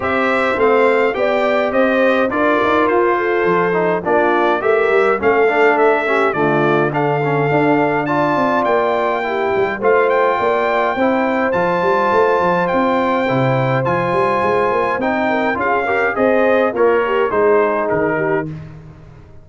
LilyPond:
<<
  \new Staff \with { instrumentName = "trumpet" } { \time 4/4 \tempo 4 = 104 e''4 f''4 g''4 dis''4 | d''4 c''2 d''4 | e''4 f''4 e''4 d''4 | f''2 a''4 g''4~ |
g''4 f''8 g''2~ g''8 | a''2 g''2 | gis''2 g''4 f''4 | dis''4 cis''4 c''4 ais'4 | }
  \new Staff \with { instrumentName = "horn" } { \time 4/4 c''2 d''4 c''4 | ais'4. a'4. f'4 | ais'4 a'4. g'8 f'4 | a'2 d''2 |
g'4 c''4 d''4 c''4~ | c''1~ | c''2~ c''8 ais'8 gis'8 ais'8 | c''4 f'8 g'8 gis'4. g'8 | }
  \new Staff \with { instrumentName = "trombone" } { \time 4/4 g'4 c'4 g'2 | f'2~ f'8 dis'8 d'4 | g'4 cis'8 d'4 cis'8 a4 | d'8 cis'8 d'4 f'2 |
e'4 f'2 e'4 | f'2. e'4 | f'2 dis'4 f'8 g'8 | gis'4 ais'4 dis'2 | }
  \new Staff \with { instrumentName = "tuba" } { \time 4/4 c'4 a4 b4 c'4 | d'8 dis'8 f'4 f4 ais4 | a8 g8 a2 d4~ | d4 d'4. c'8 ais4~ |
ais8 g8 a4 ais4 c'4 | f8 g8 a8 f8 c'4 c4 | f8 g8 gis8 ais8 c'4 cis'4 | c'4 ais4 gis4 dis4 | }
>>